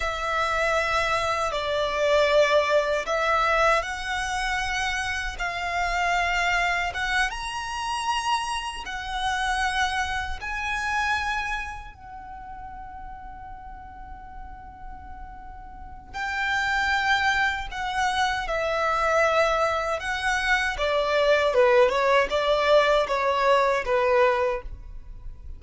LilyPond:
\new Staff \with { instrumentName = "violin" } { \time 4/4 \tempo 4 = 78 e''2 d''2 | e''4 fis''2 f''4~ | f''4 fis''8 ais''2 fis''8~ | fis''4. gis''2 fis''8~ |
fis''1~ | fis''4 g''2 fis''4 | e''2 fis''4 d''4 | b'8 cis''8 d''4 cis''4 b'4 | }